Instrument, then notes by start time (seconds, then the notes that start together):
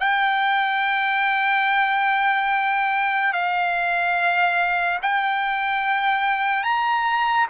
trumpet
0.00 G5
3.33 F5
5.02 G5
6.64 A#5